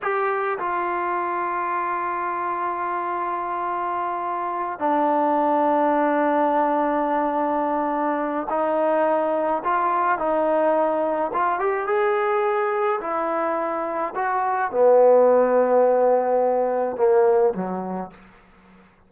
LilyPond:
\new Staff \with { instrumentName = "trombone" } { \time 4/4 \tempo 4 = 106 g'4 f'2.~ | f'1~ | f'8 d'2.~ d'8~ | d'2. dis'4~ |
dis'4 f'4 dis'2 | f'8 g'8 gis'2 e'4~ | e'4 fis'4 b2~ | b2 ais4 fis4 | }